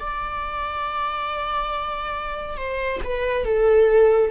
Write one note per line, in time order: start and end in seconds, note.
0.00 2.57 D5
2.57 3.01 C5
3.04 3.45 B4
3.45 4.30 A4